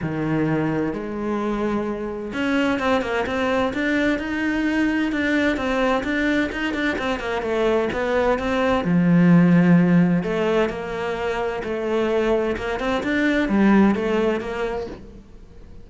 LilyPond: \new Staff \with { instrumentName = "cello" } { \time 4/4 \tempo 4 = 129 dis2 gis2~ | gis4 cis'4 c'8 ais8 c'4 | d'4 dis'2 d'4 | c'4 d'4 dis'8 d'8 c'8 ais8 |
a4 b4 c'4 f4~ | f2 a4 ais4~ | ais4 a2 ais8 c'8 | d'4 g4 a4 ais4 | }